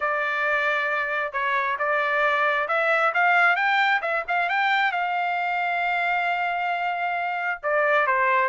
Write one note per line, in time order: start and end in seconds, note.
0.00 1.32 D5
1.32 1.77 C#5
1.78 2.68 D5
2.68 3.12 E5
3.14 3.56 F5
3.56 4.01 G5
4.01 4.24 E5
4.28 4.49 F5
4.49 4.92 G5
4.92 7.60 F5
7.62 8.07 D5
8.07 8.49 C5